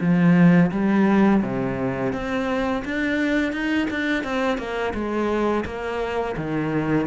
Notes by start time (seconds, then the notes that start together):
0.00 F3
0.71 G3
1.42 C3
2.12 C4
2.84 D4
3.52 D#4
3.90 D4
4.24 C4
4.58 A#3
4.94 G#3
5.65 A#3
6.37 D#3